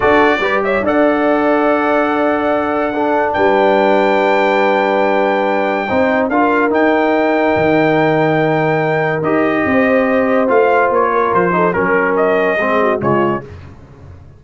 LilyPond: <<
  \new Staff \with { instrumentName = "trumpet" } { \time 4/4 \tempo 4 = 143 d''4. e''8 fis''2~ | fis''1 | g''1~ | g''2. f''4 |
g''1~ | g''2 dis''2~ | dis''4 f''4 cis''4 c''4 | ais'4 dis''2 cis''4 | }
  \new Staff \with { instrumentName = "horn" } { \time 4/4 a'4 b'8 cis''8 d''2~ | d''2. a'4 | b'1~ | b'2 c''4 ais'4~ |
ais'1~ | ais'2. c''4~ | c''2~ c''8 ais'4 a'8 | ais'2 gis'8 fis'8 f'4 | }
  \new Staff \with { instrumentName = "trombone" } { \time 4/4 fis'4 g'4 a'2~ | a'2. d'4~ | d'1~ | d'2 dis'4 f'4 |
dis'1~ | dis'2 g'2~ | g'4 f'2~ f'8 dis'8 | cis'2 c'4 gis4 | }
  \new Staff \with { instrumentName = "tuba" } { \time 4/4 d'4 g4 d'2~ | d'1 | g1~ | g2 c'4 d'4 |
dis'2 dis2~ | dis2 dis'4 c'4~ | c'4 a4 ais4 f4 | fis2 gis4 cis4 | }
>>